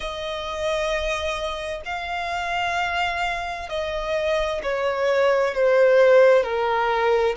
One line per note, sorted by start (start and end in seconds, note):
0.00 1.81 D#5
1.85 3.69 F5
3.69 4.61 D#5
4.62 5.54 C#5
5.54 6.43 C5
6.43 7.35 A#4